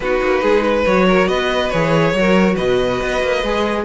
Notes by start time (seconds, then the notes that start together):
0.00 B3 D#4 F#4 B4
0.21 A#3
0.42 G#3 G#4
0.63 B4
0.85 F#3 F#4 C#5
1.07 A#4
1.27 B3 B4 D#5
1.69 E3 G#4 C#5
2.13 F#3 F#4 A#4
2.54 B2 B4 D#5
3.01 B3
3.22 A#3
3.42 G#3 G#4